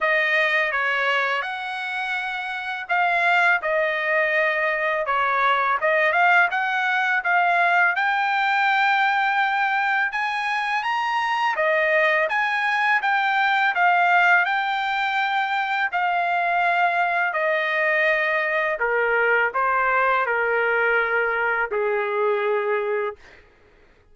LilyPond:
\new Staff \with { instrumentName = "trumpet" } { \time 4/4 \tempo 4 = 83 dis''4 cis''4 fis''2 | f''4 dis''2 cis''4 | dis''8 f''8 fis''4 f''4 g''4~ | g''2 gis''4 ais''4 |
dis''4 gis''4 g''4 f''4 | g''2 f''2 | dis''2 ais'4 c''4 | ais'2 gis'2 | }